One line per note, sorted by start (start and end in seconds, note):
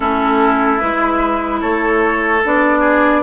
0.00 0.80 A3
0.00 0.79 C#4
0.00 1.59 E4
0.00 0.79 A4
0.79 1.62 G#3
0.79 2.41 E4
0.79 1.60 B4
1.61 2.43 A3
1.61 2.79 A4
1.61 2.42 C#5
2.45 3.22 B3
2.45 3.22 D4
2.45 3.22 D5
2.79 3.20 G#4